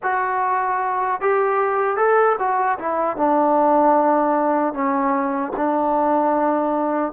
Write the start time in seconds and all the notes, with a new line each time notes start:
0.02 F#4
1.21 G4
1.96 A4
2.38 F#4
2.78 E4
3.16 D4
4.73 C#4
5.56 D4